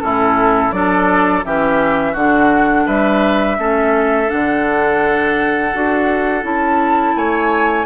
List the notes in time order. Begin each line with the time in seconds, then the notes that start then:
0.00 A2 C#4 E4 A4
0.72 F#3 D4 A4 D5
1.44 E3 C#4 G4 E5
2.12 D3 D4 F#4 F#5
2.85 G3 B4 E5
3.58 A3 C#4 A4
4.27 D3 D4 F#5
5.73 D4 F#4
6.42 C#4 E4 A5
7.15 A3 C#5 G#5